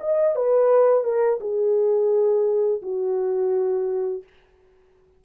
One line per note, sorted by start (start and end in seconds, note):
0.00 0.35 D#5
0.35 1.04 B4
1.04 1.39 A#4
1.41 2.82 G#4
2.82 4.23 F#4